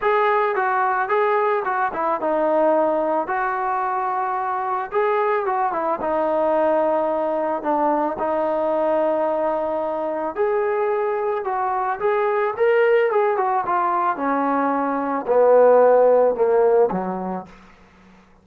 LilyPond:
\new Staff \with { instrumentName = "trombone" } { \time 4/4 \tempo 4 = 110 gis'4 fis'4 gis'4 fis'8 e'8 | dis'2 fis'2~ | fis'4 gis'4 fis'8 e'8 dis'4~ | dis'2 d'4 dis'4~ |
dis'2. gis'4~ | gis'4 fis'4 gis'4 ais'4 | gis'8 fis'8 f'4 cis'2 | b2 ais4 fis4 | }